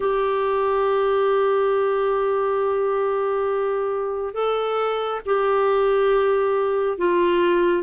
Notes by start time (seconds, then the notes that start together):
0.00 G4
4.34 A4
5.25 G4
6.98 F4